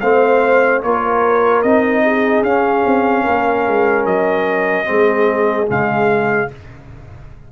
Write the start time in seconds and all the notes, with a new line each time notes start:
0.00 A3 C4 C5 F5
0.82 A#3 F4 A#4 C#5
1.62 C4 D#4 D#5
2.04 G#4
2.42 C#4 F5
2.85 C4
3.24 A#3 A#4
3.67 G#3
4.05 F#3 D#5
4.85 G#3 C4 G#4
5.67 C#3 G#3 F5